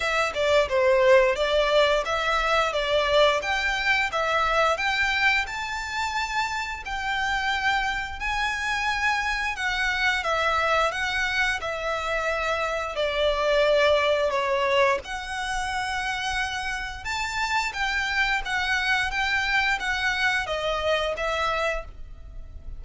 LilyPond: \new Staff \with { instrumentName = "violin" } { \time 4/4 \tempo 4 = 88 e''8 d''8 c''4 d''4 e''4 | d''4 g''4 e''4 g''4 | a''2 g''2 | gis''2 fis''4 e''4 |
fis''4 e''2 d''4~ | d''4 cis''4 fis''2~ | fis''4 a''4 g''4 fis''4 | g''4 fis''4 dis''4 e''4 | }